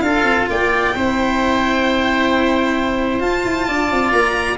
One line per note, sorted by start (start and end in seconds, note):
0.00 0.23 D4
0.00 0.95 F4
0.00 0.49 A4
0.00 0.45 F5
0.23 0.46 C4
0.49 0.95 A#3
0.49 0.95 D5
0.49 3.21 G5
0.95 3.21 C4
0.95 3.20 E4
0.95 3.68 C5
3.20 4.56 F4
3.20 3.44 F4
3.20 4.11 A5
3.44 3.67 E4
3.68 3.91 D4
3.68 4.57 D5
3.91 4.12 C4
4.11 4.57 A#3
4.11 4.57 A#5